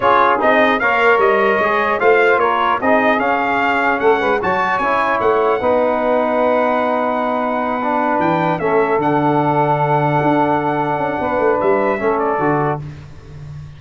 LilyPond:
<<
  \new Staff \with { instrumentName = "trumpet" } { \time 4/4 \tempo 4 = 150 cis''4 dis''4 f''4 dis''4~ | dis''4 f''4 cis''4 dis''4 | f''2 fis''4 a''4 | gis''4 fis''2.~ |
fis''1~ | fis''8 g''4 e''4 fis''4.~ | fis''1~ | fis''4 e''4. d''4. | }
  \new Staff \with { instrumentName = "saxophone" } { \time 4/4 gis'2 cis''2~ | cis''4 c''4 ais'4 gis'4~ | gis'2 a'8 b'8 cis''4~ | cis''2 b'2~ |
b'1~ | b'4. a'2~ a'8~ | a'1 | b'2 a'2 | }
  \new Staff \with { instrumentName = "trombone" } { \time 4/4 f'4 dis'4 ais'2 | gis'4 f'2 dis'4 | cis'2. fis'4 | e'2 dis'2~ |
dis'2.~ dis'8 d'8~ | d'4. cis'4 d'4.~ | d'1~ | d'2 cis'4 fis'4 | }
  \new Staff \with { instrumentName = "tuba" } { \time 4/4 cis'4 c'4 ais4 g4 | gis4 a4 ais4 c'4 | cis'2 a8 gis8 fis4 | cis'4 a4 b2~ |
b1~ | b8 e4 a4 d4.~ | d4. d'2 cis'8 | b8 a8 g4 a4 d4 | }
>>